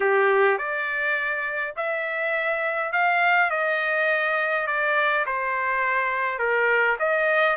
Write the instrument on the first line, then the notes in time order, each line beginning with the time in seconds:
trumpet
0.00 G4
0.57 D5
1.76 E5
2.92 F5
3.50 D#5
4.67 D5
5.26 C5
6.38 A#4
6.99 D#5